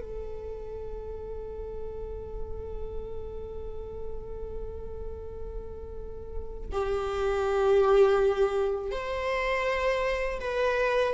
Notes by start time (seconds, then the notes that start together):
0.00 A4
6.72 G4
8.91 C5
10.40 B4